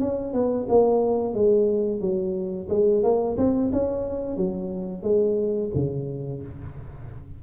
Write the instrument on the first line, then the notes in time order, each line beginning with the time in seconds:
tuba
0.00 C#4
0.33 B3
0.69 A#3
1.34 G#3
2.00 F#3
2.69 G#3
3.03 A#3
3.37 C4
3.72 C#4
4.36 F#3
5.03 G#3
5.75 C#3